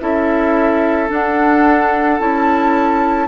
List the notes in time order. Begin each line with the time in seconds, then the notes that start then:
0.00 C#4 E4 A4 E5
1.09 D4 F#5
2.19 C#4 E4 A5